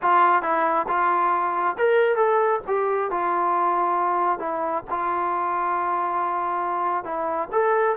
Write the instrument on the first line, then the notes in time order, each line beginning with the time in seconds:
trombone
0.02 F4
0.42 E4
0.88 F4
1.78 A#4
2.16 A4
2.67 G4
3.10 F4
4.39 E4
4.90 F4
7.04 E4
7.52 A4